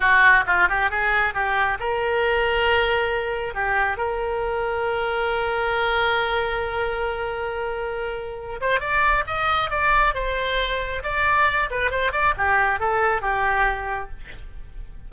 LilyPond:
\new Staff \with { instrumentName = "oboe" } { \time 4/4 \tempo 4 = 136 fis'4 f'8 g'8 gis'4 g'4 | ais'1 | g'4 ais'2.~ | ais'1~ |
ais'2.~ ais'8 c''8 | d''4 dis''4 d''4 c''4~ | c''4 d''4. b'8 c''8 d''8 | g'4 a'4 g'2 | }